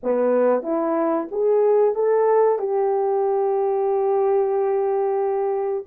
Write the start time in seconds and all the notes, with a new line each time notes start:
0.03 B3
0.62 E4
1.31 G#4
1.94 A4
2.58 G4